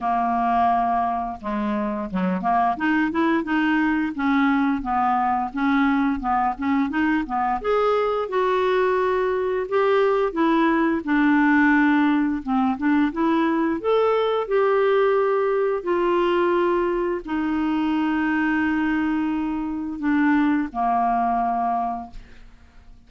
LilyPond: \new Staff \with { instrumentName = "clarinet" } { \time 4/4 \tempo 4 = 87 ais2 gis4 fis8 ais8 | dis'8 e'8 dis'4 cis'4 b4 | cis'4 b8 cis'8 dis'8 b8 gis'4 | fis'2 g'4 e'4 |
d'2 c'8 d'8 e'4 | a'4 g'2 f'4~ | f'4 dis'2.~ | dis'4 d'4 ais2 | }